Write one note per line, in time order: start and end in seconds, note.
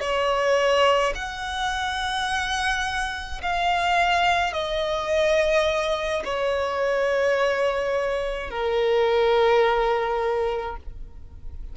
0.00 1.13 C#5
1.15 3.42 F#5
3.42 4.53 F5
4.53 6.23 D#5
6.25 8.50 C#5
8.50 10.77 A#4